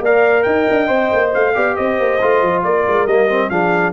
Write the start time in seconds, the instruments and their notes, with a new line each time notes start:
0.00 tuba A#3, trombone A#4, horn D5, trumpet F5
0.42 tuba D#4, horn D#5, trumpet G5
0.70 tuba D4
0.87 tuba C4, trombone C5
1.12 tuba A#3
1.34 tuba A3, trumpet F5
1.54 tuba B3, trombone G4, horn D5
1.76 tuba C4, horn C5, trumpet D#5
1.99 tuba A#3
2.21 tuba A3, trombone F4
2.42 tuba F3
2.63 tuba A#3, horn A#4, trumpet D5
2.87 tuba G#3
3.06 tuba G3, trombone A#3, trumpet D#5
3.29 trombone C4
3.49 tuba F3, trombone D4, horn G#4, trumpet F5